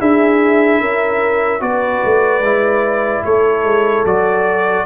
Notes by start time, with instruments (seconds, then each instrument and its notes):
0.00 tuba D4, trombone E4, horn G#4, trumpet E5
0.81 tuba C#4, horn A#4
1.61 tuba B3, trombone F#4, horn B4, trumpet D5
2.05 tuba A3
2.41 tuba G#3, trombone E4
3.25 tuba A3, horn A4, trumpet C#5
3.64 tuba G#3
4.05 tuba F#3, trombone F#4, trumpet D5